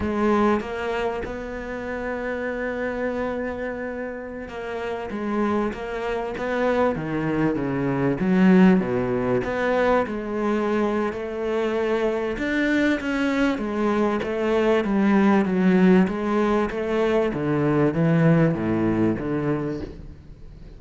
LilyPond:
\new Staff \with { instrumentName = "cello" } { \time 4/4 \tempo 4 = 97 gis4 ais4 b2~ | b2.~ b16 ais8.~ | ais16 gis4 ais4 b4 dis8.~ | dis16 cis4 fis4 b,4 b8.~ |
b16 gis4.~ gis16 a2 | d'4 cis'4 gis4 a4 | g4 fis4 gis4 a4 | d4 e4 a,4 d4 | }